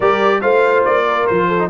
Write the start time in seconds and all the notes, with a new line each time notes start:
0.00 G3 G4 A#4 D5
0.41 A3 F4 C5 F5
0.84 A#3 D5
1.07 A#4
1.26 F3 C5
1.48 A4
1.58 D#4